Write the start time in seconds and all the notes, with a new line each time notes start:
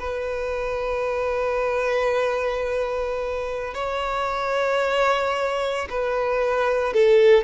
0.00 B4
3.75 C#5
5.90 B4
6.94 A4